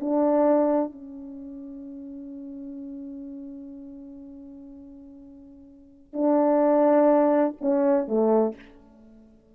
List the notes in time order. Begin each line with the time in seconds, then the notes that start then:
0.00 D4
0.92 C#4
6.13 D4
7.61 C#4
8.08 A3